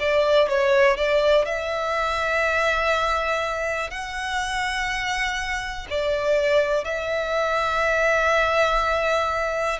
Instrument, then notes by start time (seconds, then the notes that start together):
violin
0.00 D5
0.49 C#5
0.97 D5
1.45 E5
3.91 F#5
5.90 D5
6.85 E5